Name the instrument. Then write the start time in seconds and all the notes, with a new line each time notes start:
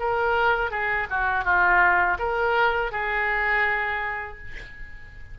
oboe
0.00 A#4
0.71 G#4
1.10 F#4
1.45 F4
2.19 A#4
2.92 G#4